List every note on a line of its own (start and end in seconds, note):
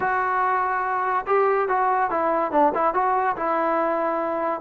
0.00 1.25 F#4
1.26 1.68 G4
1.68 2.10 F#4
2.10 2.51 E4
2.51 2.72 D4
2.74 2.94 E4
2.94 3.36 F#4
3.36 4.60 E4